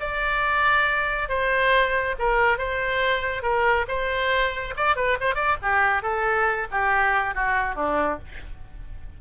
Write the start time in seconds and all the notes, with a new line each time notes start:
0.00 D5
1.29 C5
2.19 A#4
2.58 C5
3.43 A#4
3.88 C5
4.77 D5
4.96 B4
5.21 C5
5.35 D5
5.62 G4
6.03 A4
6.72 G4
7.35 F#4
7.76 D4